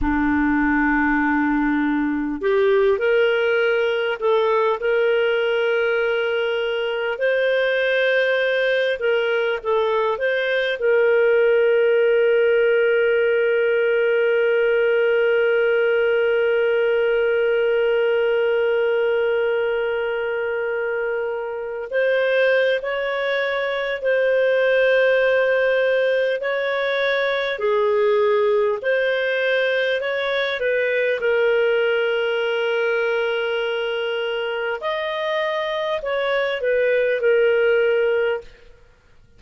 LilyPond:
\new Staff \with { instrumentName = "clarinet" } { \time 4/4 \tempo 4 = 50 d'2 g'8 ais'4 a'8 | ais'2 c''4. ais'8 | a'8 c''8 ais'2.~ | ais'1~ |
ais'2~ ais'16 c''8. cis''4 | c''2 cis''4 gis'4 | c''4 cis''8 b'8 ais'2~ | ais'4 dis''4 cis''8 b'8 ais'4 | }